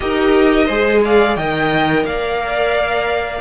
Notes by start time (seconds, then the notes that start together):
0.00 D#4 G4 A#4 D#5
0.66 G#3 G#4 C5
1.04 D5 F5
1.36 D#3 A#4 D#5 G5
2.04 A#3 D5 F5